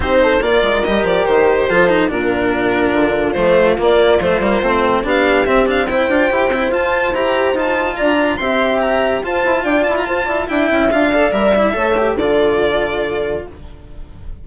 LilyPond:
<<
  \new Staff \with { instrumentName = "violin" } { \time 4/4 \tempo 4 = 143 c''4 d''4 dis''8 d''8 c''4~ | c''4 ais'2. | c''4 d''4 c''2 | f''4 e''8 f''8 g''2 |
a''4 ais''4 a''4 ais''4 | c'''4 ais''4 a''4 g''8 a''16 ais''16 | a''4 g''4 f''4 e''4~ | e''4 d''2. | }
  \new Staff \with { instrumentName = "horn" } { \time 4/4 g'8 a'8 ais'2. | a'4 f'2.~ | f'1 | g'2 c''2~ |
c''2. d''4 | e''2 c''4 d''4 | c''8 d''8 e''4. d''4. | cis''4 a'2. | }
  \new Staff \with { instrumentName = "cello" } { \time 4/4 dis'4 f'4 g'2 | f'8 dis'8 d'2. | a4 ais4 a8 ais8 c'4 | d'4 c'8 d'8 e'8 f'8 g'8 e'8 |
f'4 g'4 f'2 | g'2 f'2~ | f'4 e'4 f'8 a'8 ais'8 e'8 | a'8 g'8 f'2. | }
  \new Staff \with { instrumentName = "bassoon" } { \time 4/4 c'4 ais8 gis8 g8 f8 dis4 | f4 ais,2 d4 | f4 ais4 f8 g8 a4 | b4 c'4. d'8 e'8 c'8 |
f'4 e'4 dis'4 d'4 | c'2 f'8 e'8 d'8 e'8 | f'8 e'8 d'8 cis'8 d'4 g4 | a4 d2. | }
>>